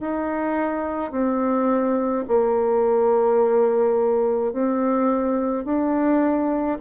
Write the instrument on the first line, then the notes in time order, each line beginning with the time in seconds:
bassoon
0.00 D#4
1.11 C4
2.27 A#3
4.52 C4
5.64 D4